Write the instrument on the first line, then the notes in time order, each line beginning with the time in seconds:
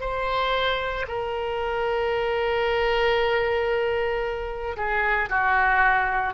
oboe
0.00 C5
1.07 A#4
4.76 G#4
5.29 F#4